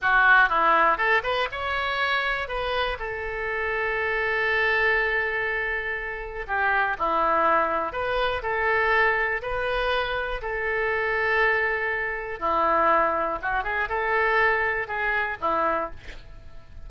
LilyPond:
\new Staff \with { instrumentName = "oboe" } { \time 4/4 \tempo 4 = 121 fis'4 e'4 a'8 b'8 cis''4~ | cis''4 b'4 a'2~ | a'1~ | a'4 g'4 e'2 |
b'4 a'2 b'4~ | b'4 a'2.~ | a'4 e'2 fis'8 gis'8 | a'2 gis'4 e'4 | }